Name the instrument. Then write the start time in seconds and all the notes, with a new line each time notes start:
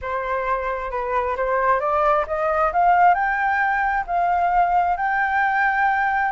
flute
0.01 C5
0.90 B4
1.36 C5
1.80 D5
2.27 D#5
2.72 F5
3.14 G5
4.06 F5
4.96 G5